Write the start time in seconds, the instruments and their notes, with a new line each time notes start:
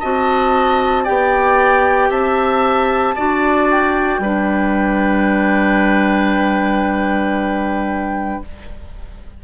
0.00 bassoon C4, clarinet F#4, oboe D#5, flute A5
1.04 bassoon B3, clarinet G4, oboe D5, flute G5
2.10 bassoon C4, oboe E5, flute A5
3.15 bassoon D4, clarinet F#4, oboe D5
3.70 flute G5
4.18 bassoon G3, clarinet D4, oboe B4